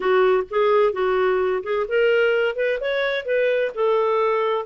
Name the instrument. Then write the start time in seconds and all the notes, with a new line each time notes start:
clarinet
0.00 F#4
0.50 G#4
0.92 F#4
1.63 G#4
1.88 A#4
2.55 B4
2.80 C#5
3.25 B4
3.74 A4